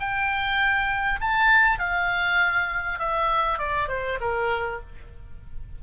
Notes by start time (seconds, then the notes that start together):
0.00 G5
1.21 A5
1.79 F5
2.99 E5
3.59 D5
3.89 C5
4.21 A#4